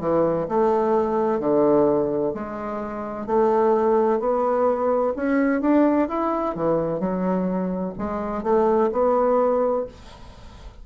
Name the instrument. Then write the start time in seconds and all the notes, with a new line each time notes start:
bassoon
0.00 E3
0.48 A3
1.39 D3
2.34 G#3
3.26 A3
4.19 B3
5.16 C#4
5.61 D4
6.09 E4
6.55 E3
7.00 F#3
7.98 G#3
8.43 A3
8.92 B3